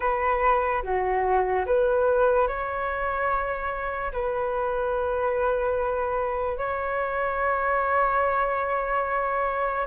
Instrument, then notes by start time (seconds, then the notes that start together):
flute
0.00 B4
0.83 F#4
1.66 B4
2.47 C#5
4.12 B4
6.58 C#5